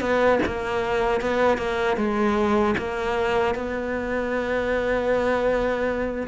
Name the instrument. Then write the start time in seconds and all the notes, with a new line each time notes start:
cello
0.00 B3
0.46 A#3
1.20 B3
1.57 A#3
1.96 G#3
2.78 A#3
3.54 B3